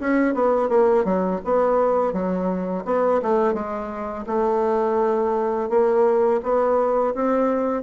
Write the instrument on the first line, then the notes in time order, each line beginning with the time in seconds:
bassoon
0.00 C#4
0.34 B3
0.69 A#3
1.04 F#3
1.44 B3
2.13 F#3
2.85 B3
3.22 A3
3.53 G#3
4.26 A3
5.69 A#3
6.43 B3
7.14 C4